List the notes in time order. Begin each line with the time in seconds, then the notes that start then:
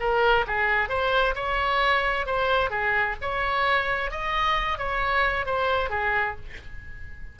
0.00 A#4
0.47 G#4
0.89 C5
1.35 C#5
2.26 C5
2.70 G#4
3.22 C#5
4.11 D#5
4.78 C#5
5.46 C5
5.90 G#4